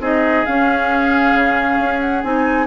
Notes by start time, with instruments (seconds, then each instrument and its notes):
0.00 bassoon C4, clarinet D#4, oboe G#4, flute D#5
0.45 clarinet C#4, bassoon C#4, flute F5
1.34 bassoon C#3
1.80 bassoon C#4
2.01 flute F#5
2.24 bassoon C4, clarinet D#4, flute G#5